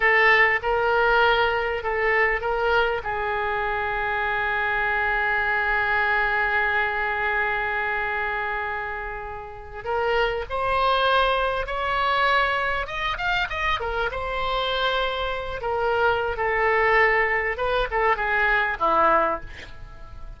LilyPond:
\new Staff \with { instrumentName = "oboe" } { \time 4/4 \tempo 4 = 99 a'4 ais'2 a'4 | ais'4 gis'2.~ | gis'1~ | gis'1~ |
gis'16 ais'4 c''2 cis''8.~ | cis''4~ cis''16 dis''8 f''8 dis''8 ais'8 c''8.~ | c''4.~ c''16 ais'4~ ais'16 a'4~ | a'4 b'8 a'8 gis'4 e'4 | }